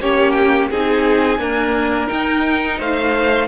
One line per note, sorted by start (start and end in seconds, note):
0.00 0.70 A#3
0.00 0.71 C#4
0.00 0.70 G4
0.00 0.31 C#5
0.31 0.66 G5
0.70 1.39 C4
0.70 1.38 D#4
0.70 1.40 G#4
0.70 2.08 G#5
1.38 2.07 A#3
1.38 2.08 D4
1.38 2.79 A#4
2.07 3.47 D#4
2.07 2.79 D#4
2.07 2.78 G5
2.79 3.48 A3
2.79 3.48 C5
2.79 3.48 F5